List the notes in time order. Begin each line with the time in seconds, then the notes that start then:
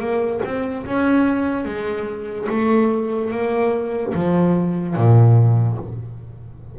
0.00 A#3
0.44 C4
0.86 C#4
1.65 G#3
2.49 A3
3.31 A#3
4.14 F3
4.96 A#2